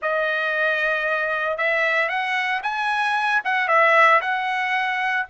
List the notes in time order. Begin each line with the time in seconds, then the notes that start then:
0.01 D#5
1.57 E5
2.08 F#5
2.62 G#5
3.44 F#5
3.68 E5
4.21 F#5